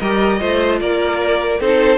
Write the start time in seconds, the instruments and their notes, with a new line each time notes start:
0.00 cello G3, viola G4, violin A#4 D#5
0.40 cello A3, viola F4, violin C5
0.81 cello A#3, violin A#4 D5
1.60 cello C4, viola D#4, violin A4 C5